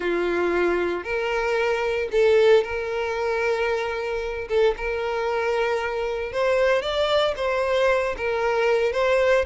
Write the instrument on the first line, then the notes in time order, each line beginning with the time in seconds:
violin
0.00 F4
1.03 A#4
2.11 A4
2.63 A#4
4.48 A4
4.77 A#4
6.32 C5
6.82 D5
7.36 C5
8.17 A#4
8.92 C5